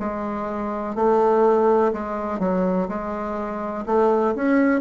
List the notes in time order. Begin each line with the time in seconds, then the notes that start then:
0.00 G#3
0.95 A3
1.93 G#3
2.40 F#3
2.89 G#3
3.87 A3
4.36 C#4